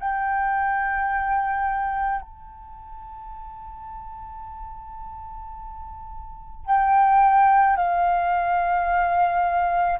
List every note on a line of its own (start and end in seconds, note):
0.00 2.22 G5
2.22 6.66 A5
6.66 7.77 G5
7.77 9.99 F5